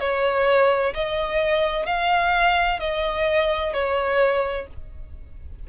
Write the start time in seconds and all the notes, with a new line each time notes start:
0.00 C#5
0.94 D#5
1.86 F5
2.80 D#5
3.74 C#5